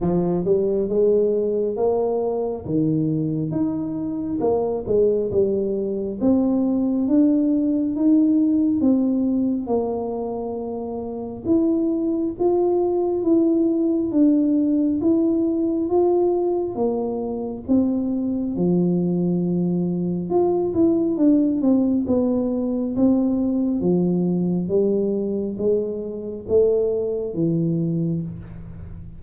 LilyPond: \new Staff \with { instrumentName = "tuba" } { \time 4/4 \tempo 4 = 68 f8 g8 gis4 ais4 dis4 | dis'4 ais8 gis8 g4 c'4 | d'4 dis'4 c'4 ais4~ | ais4 e'4 f'4 e'4 |
d'4 e'4 f'4 ais4 | c'4 f2 f'8 e'8 | d'8 c'8 b4 c'4 f4 | g4 gis4 a4 e4 | }